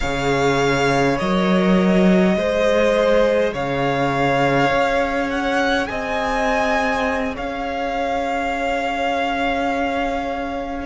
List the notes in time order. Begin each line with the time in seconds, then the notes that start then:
0.00 C#3 G#4 C#5 F5
1.18 F#3 A#4 D#5
2.33 G#3 G#4 C5
3.53 C#3 C#5 F5
4.70 C#4
5.29 F#5
5.87 C4 D#5 G#5
7.34 C#4 C#5 F5